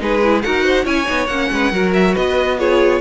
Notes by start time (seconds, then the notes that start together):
0.00 G#3 D#4 G#4 B4
0.24 E4
0.43 D#4 F#4 A#4 F#5
0.65 C5
0.84 C#4 E4 C#5 G#5
1.06 B3 D#4
1.27 A#3 C#4 F#5
1.52 G#3 B4
1.72 F#3 F#4 A#4
1.94 E5
2.15 B3 B4 D#5
2.59 F4 G#4 C#5